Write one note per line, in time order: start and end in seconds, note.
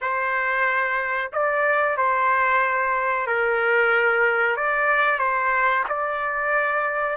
0.01 1.31 C5
1.32 1.97 D5
1.97 3.26 C5
3.26 4.56 A#4
4.56 5.18 D5
5.18 5.84 C5
5.88 7.17 D5